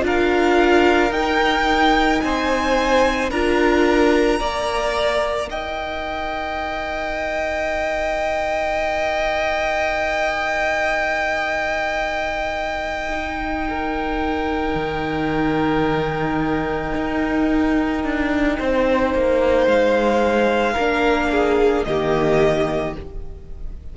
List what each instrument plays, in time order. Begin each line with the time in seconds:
0.00 cello D4, viola F4, violin A#4
0.06 violin F5
1.10 cello D#4, viola D#4, violin G5
2.20 cello C4, violin C5 G#5
3.30 cello D4, viola F4, violin A#4 A#5
4.40 cello A#3, viola A#4, violin D5
5.47 cello D#4, violin D#5 G5
13.09 viola D#4
13.68 violin A#4
14.74 cello D#3
16.95 cello D#4
18.03 cello D4
18.57 cello C4, violin C5
19.14 cello A#3
19.66 cello G#3, violin F5
20.73 cello A#3, viola D4, violin A#4
21.30 violin G#4
21.84 cello D#3, viola A#3, violin G4 D#5